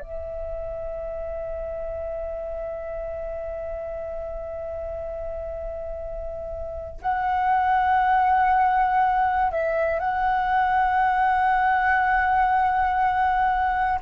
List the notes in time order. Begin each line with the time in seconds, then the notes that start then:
0.00 E5
7.02 F#5
9.52 E5
10.00 F#5